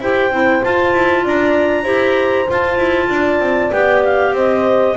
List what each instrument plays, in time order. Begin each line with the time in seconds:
0.00 double bass E4, clarinet G4 G5, horn C5
0.30 double bass C4, clarinet E4
0.63 clarinet F4 A5, double bass F4
0.94 double bass E4
1.24 double bass D4, horn D5, clarinet A#5
1.84 double bass E4, clarinet G4, horn C5
2.48 clarinet F4 A5, double bass F4
2.77 double bass E4
3.09 double bass D4, horn D5
3.40 double bass C4
3.72 double bass B3, clarinet G4 G5
4.03 clarinet F5
4.32 double bass C4, horn C5, clarinet D#5